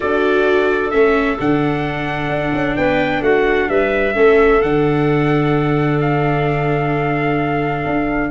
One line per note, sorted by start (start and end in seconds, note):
0.00 0.92 D4
0.00 0.91 F#4
0.00 2.76 A4
0.00 0.90 D5
0.90 1.38 A3
0.90 1.38 C#4
0.90 1.36 E5
1.39 2.28 D3
1.39 4.14 D4
1.39 2.76 F#5
2.28 2.51 D4
2.53 2.76 C#4
2.76 3.20 B3
2.76 3.22 B4
2.76 3.22 G5
3.20 3.67 A3
3.20 3.68 F#4
3.20 3.69 F#5
3.69 4.15 G3
3.69 4.15 B4
3.69 4.61 E5
4.14 4.61 A3
4.14 4.60 C#4
4.14 8.30 A4
4.61 7.85 D3
4.61 8.30 D4
4.61 6.00 F#5
6.00 8.30 F5
7.86 8.30 D4